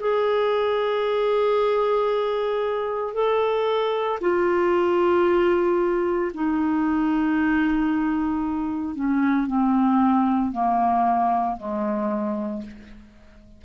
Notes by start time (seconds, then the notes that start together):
0.00 G#4
3.14 A4
4.21 F4
6.34 D#4
8.96 C#4
9.47 C4
10.52 A#3
11.57 G#3